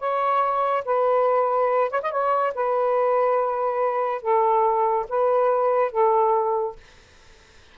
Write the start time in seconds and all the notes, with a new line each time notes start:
0.00 C#5
0.85 B4
1.91 C#5
2.03 D#5
2.11 C#5
2.55 B4
4.22 A4
5.09 B4
5.92 A4